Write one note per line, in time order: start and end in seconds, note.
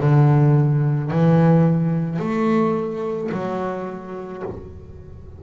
0.00 1.11 D3
1.11 2.19 E3
2.19 3.30 A3
3.31 4.42 F#3